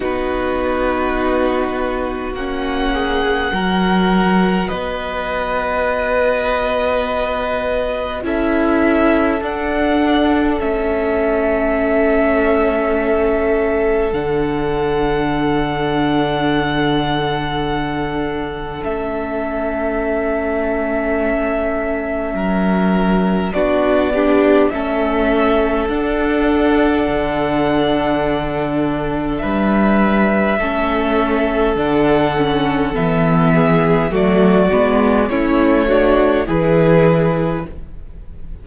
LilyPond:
<<
  \new Staff \with { instrumentName = "violin" } { \time 4/4 \tempo 4 = 51 b'2 fis''2 | dis''2. e''4 | fis''4 e''2. | fis''1 |
e''1 | d''4 e''4 fis''2~ | fis''4 e''2 fis''4 | e''4 d''4 cis''4 b'4 | }
  \new Staff \with { instrumentName = "violin" } { \time 4/4 fis'2~ fis'8 gis'8 ais'4 | b'2. a'4~ | a'1~ | a'1~ |
a'2. ais'4 | fis'8 d'8 a'2.~ | a'4 b'4 a'2~ | a'8 gis'8 fis'4 e'8 fis'8 gis'4 | }
  \new Staff \with { instrumentName = "viola" } { \time 4/4 dis'2 cis'4 fis'4~ | fis'2. e'4 | d'4 cis'2. | d'1 |
cis'1 | d'8 g'8 cis'4 d'2~ | d'2 cis'4 d'8 cis'8 | b4 a8 b8 cis'8 d'8 e'4 | }
  \new Staff \with { instrumentName = "cello" } { \time 4/4 b2 ais4 fis4 | b2. cis'4 | d'4 a2. | d1 |
a2. fis4 | b4 a4 d'4 d4~ | d4 g4 a4 d4 | e4 fis8 gis8 a4 e4 | }
>>